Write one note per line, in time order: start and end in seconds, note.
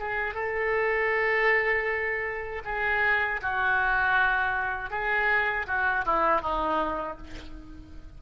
0.00 0.35 G#4
0.35 2.62 A4
2.65 3.41 G#4
3.42 4.91 F#4
4.91 5.67 G#4
5.67 6.05 F#4
6.06 6.42 E4
6.42 7.18 D#4